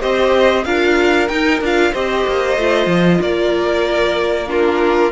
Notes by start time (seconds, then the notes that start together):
0.00 C4 G4 C5 D#5
0.64 D4 F4 A#4 F5
1.28 D#4 G5
1.60 D4 F4 F5
1.91 C4 G4 C5 D#5
2.27 A#3
2.57 A3 F4
2.86 F3
3.21 A#3 A#4 D5
4.47 D4 F4 A#4